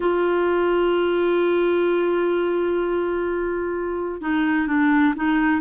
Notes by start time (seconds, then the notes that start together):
0.00 F4
4.21 D#4
4.67 D4
5.16 D#4